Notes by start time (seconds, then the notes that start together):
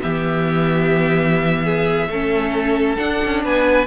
0.00 E3 B3 G4 E5
1.64 G#4
2.07 A3 C#4 A4
2.96 D4 F#5
3.24 C#4
3.43 B3 B4 G#5